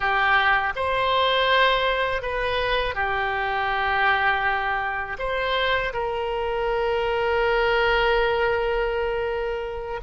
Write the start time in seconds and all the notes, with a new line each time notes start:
0.00 G4
0.75 C5
2.22 B4
2.95 G4
5.19 C5
5.93 A#4